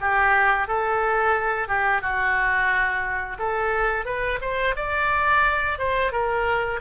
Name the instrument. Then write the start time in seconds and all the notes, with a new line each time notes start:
oboe
0.00 G4
0.67 A4
1.68 G4
2.01 F#4
3.38 A4
4.05 B4
4.41 C5
4.75 D5
5.78 C5
6.11 A#4